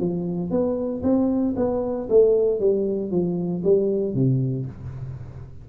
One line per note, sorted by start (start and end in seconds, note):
0.00 0.51 F3
0.51 1.02 B3
1.03 1.55 C4
1.56 2.08 B3
2.10 2.60 A3
2.60 3.11 G3
3.11 3.63 F3
3.64 4.14 G3
4.14 4.66 C3